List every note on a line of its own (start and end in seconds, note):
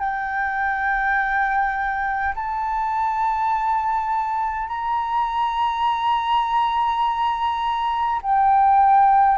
0.00 2.35 G5
2.35 4.68 A5
4.68 8.21 A#5
8.22 9.39 G5